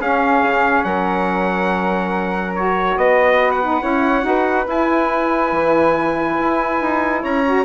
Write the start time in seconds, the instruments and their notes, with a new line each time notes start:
0.00 bassoon C#4, saxophone C#4, flute G#4, trumpet F5
0.42 bassoon C#3
0.84 bassoon F#3, flute A#4, trumpet F#5
2.55 saxophone F#4, trumpet C#5
2.97 bassoon B3, flute B4, trumpet D#5
3.51 trumpet F#5
3.62 saxophone D#4
3.81 bassoon C#4, saxophone E4, flute C#5
4.22 bassoon D#4, saxophone F#4, flute B4
4.67 bassoon E4, saxophone E4, trumpet G#5
5.52 bassoon E3
6.39 bassoon E4
6.81 bassoon D#4
7.22 bassoon C#4, flute C#5, trumpet A#5
7.45 saxophone F#4